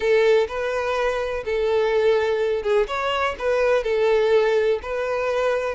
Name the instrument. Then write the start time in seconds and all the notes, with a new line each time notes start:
violin
0.00 A4
0.48 B4
1.45 A4
2.62 G#4
2.87 C#5
3.38 B4
3.83 A4
4.82 B4